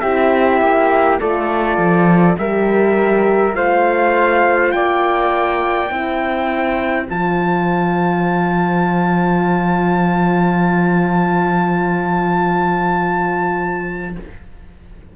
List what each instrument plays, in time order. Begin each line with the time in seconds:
0.00 cello C4, horn E4, flute G4, trumpet E5
0.61 cello A#3
1.19 cello A3, horn F4, flute A4, trumpet D5
1.77 cello F3
2.38 cello G3, horn G4, flute A#4, trumpet E5
3.53 cello A3, horn F4, flute C5, trumpet F5
4.71 cello A#3, flute D5, trumpet G5
5.90 cello C4, horn E4, flute C5
7.09 cello F3, horn F4, trumpet A5